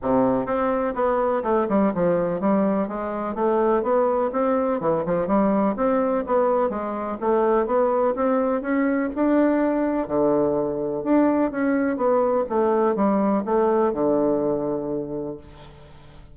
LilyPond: \new Staff \with { instrumentName = "bassoon" } { \time 4/4 \tempo 4 = 125 c4 c'4 b4 a8 g8 | f4 g4 gis4 a4 | b4 c'4 e8 f8 g4 | c'4 b4 gis4 a4 |
b4 c'4 cis'4 d'4~ | d'4 d2 d'4 | cis'4 b4 a4 g4 | a4 d2. | }